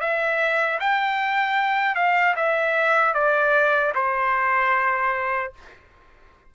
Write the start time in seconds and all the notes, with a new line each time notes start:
0.00 E5
0.80 G5
1.95 F5
2.36 E5
3.14 D5
3.95 C5